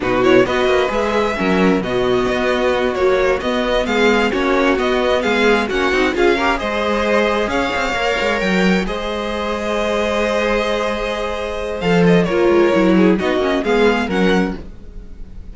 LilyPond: <<
  \new Staff \with { instrumentName = "violin" } { \time 4/4 \tempo 4 = 132 b'8 cis''8 dis''4 e''2 | dis''2~ dis''8 cis''4 dis''8~ | dis''8 f''4 cis''4 dis''4 f''8~ | f''8 fis''4 f''4 dis''4.~ |
dis''8 f''2 g''4 dis''8~ | dis''1~ | dis''2 f''8 dis''8 cis''4~ | cis''4 dis''4 f''4 fis''4 | }
  \new Staff \with { instrumentName = "violin" } { \time 4/4 fis'4 b'2 ais'4 | fis'1~ | fis'8 gis'4 fis'2 gis'8~ | gis'8 fis'4 gis'8 ais'8 c''4.~ |
c''8 cis''2. c''8~ | c''1~ | c''2. ais'4~ | ais'8 gis'8 fis'4 gis'4 ais'4 | }
  \new Staff \with { instrumentName = "viola" } { \time 4/4 dis'8 e'8 fis'4 gis'4 cis'4 | b2~ b8 fis4 b8~ | b4. cis'4 b4.~ | b8 cis'8 dis'8 f'8 g'8 gis'4.~ |
gis'4. ais'2 gis'8~ | gis'1~ | gis'2 a'4 f'4 | e'4 dis'8 cis'8 b4 cis'4 | }
  \new Staff \with { instrumentName = "cello" } { \time 4/4 b,4 b8 ais8 gis4 fis4 | b,4 b4. ais4 b8~ | b8 gis4 ais4 b4 gis8~ | gis8 ais8 c'8 cis'4 gis4.~ |
gis8 cis'8 c'8 ais8 gis8 fis4 gis8~ | gis1~ | gis2 f4 ais8 gis8 | fis4 b8 ais8 gis4 fis4 | }
>>